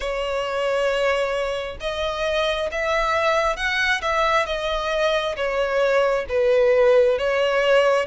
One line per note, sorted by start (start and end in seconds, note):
0.00 1.77 C#5
1.80 2.69 D#5
2.71 3.56 E5
3.56 4.01 F#5
4.01 4.45 E5
4.45 5.35 D#5
5.36 6.25 C#5
6.28 7.18 B4
7.18 8.06 C#5